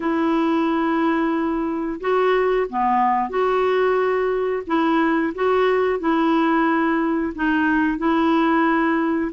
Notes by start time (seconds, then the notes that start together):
0.00 E4
2.00 F#4
2.69 B3
3.29 F#4
4.66 E4
5.35 F#4
5.99 E4
7.35 D#4
7.98 E4